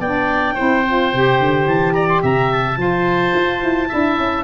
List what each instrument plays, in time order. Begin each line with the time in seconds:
0.00 tuba B3, saxophone D4, oboe D5, clarinet G5
0.55 tuba C4, saxophone E4, oboe C5
0.87 saxophone F4
1.14 tuba C3, saxophone G4
1.40 tuba D3
1.67 tuba E3, clarinet A5
1.94 oboe D5, clarinet A#5
2.09 clarinet C6
2.23 tuba C3, oboe E5, clarinet A#5
2.52 clarinet A5
2.75 tuba F3, saxophone F4, oboe C5
3.35 tuba F4
3.63 tuba E4
3.88 tuba D4, saxophone E4, oboe E5
4.18 tuba C#4